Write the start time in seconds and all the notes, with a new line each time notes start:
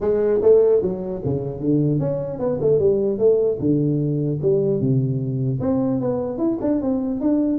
0.00 G#3
0.42 A3
0.82 F#3
1.25 C#3
1.60 D3
1.99 C#4
2.39 B3
2.60 A3
2.79 G3
3.18 A3
3.59 D3
4.42 G3
4.80 C3
5.60 C4
6.00 B3
6.38 E4
6.61 D4
6.81 C4
7.20 D4